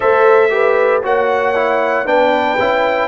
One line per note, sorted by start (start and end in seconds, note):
0.00 1.04 A3
0.00 0.49 A4
0.00 0.50 C5
0.00 1.01 E5
0.50 1.02 G4
0.50 1.03 B4
1.03 2.06 A#3
1.03 1.54 F#4
1.03 2.05 C#5
1.03 2.07 F#5
1.55 2.05 E4
2.05 2.58 B3
2.05 2.57 D4
2.05 3.08 B4
2.05 3.08 G5
2.59 3.08 C#4
2.59 3.08 E4